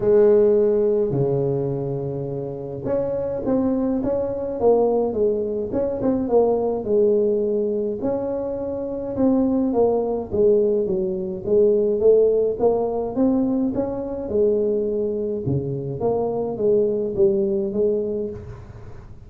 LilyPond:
\new Staff \with { instrumentName = "tuba" } { \time 4/4 \tempo 4 = 105 gis2 cis2~ | cis4 cis'4 c'4 cis'4 | ais4 gis4 cis'8 c'8 ais4 | gis2 cis'2 |
c'4 ais4 gis4 fis4 | gis4 a4 ais4 c'4 | cis'4 gis2 cis4 | ais4 gis4 g4 gis4 | }